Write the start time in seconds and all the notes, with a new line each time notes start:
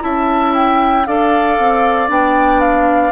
0.00 C#4 E4 E5 A5
0.54 G5
1.05 D4 A4 D5 F5
1.58 C4
2.08 B3 D4 G5
2.60 F5